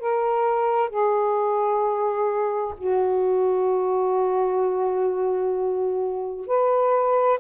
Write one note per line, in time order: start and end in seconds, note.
0.00 0.90 A#4
0.90 2.74 G#4
2.78 6.47 F#4
6.47 7.39 B4